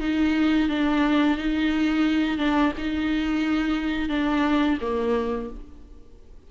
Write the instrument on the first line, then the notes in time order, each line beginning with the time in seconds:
viola
0.00 D#4
0.69 D4
1.37 D#4
2.38 D4
2.78 D#4
4.09 D4
4.81 A#3